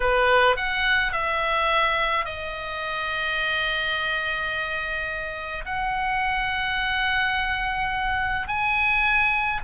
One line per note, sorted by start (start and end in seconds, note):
0.00 0.56 B4
0.56 1.12 F#5
1.12 2.25 E5
2.25 5.64 D#5
5.65 8.47 F#5
8.47 9.60 G#5